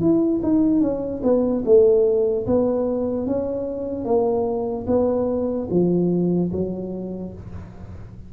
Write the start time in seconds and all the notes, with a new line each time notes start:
0.00 E4
0.43 D#4
0.81 C#4
1.23 B3
1.65 A3
2.46 B3
3.26 C#4
4.04 A#3
4.86 B3
5.71 F3
6.52 F#3